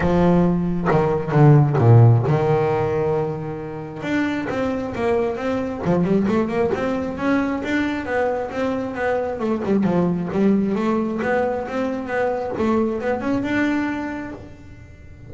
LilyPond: \new Staff \with { instrumentName = "double bass" } { \time 4/4 \tempo 4 = 134 f2 dis4 d4 | ais,4 dis2.~ | dis4 d'4 c'4 ais4 | c'4 f8 g8 a8 ais8 c'4 |
cis'4 d'4 b4 c'4 | b4 a8 g8 f4 g4 | a4 b4 c'4 b4 | a4 b8 cis'8 d'2 | }